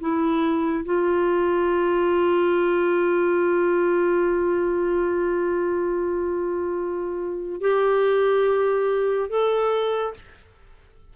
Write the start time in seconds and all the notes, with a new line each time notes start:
0.00 E4
0.85 F4
7.61 G4
9.29 A4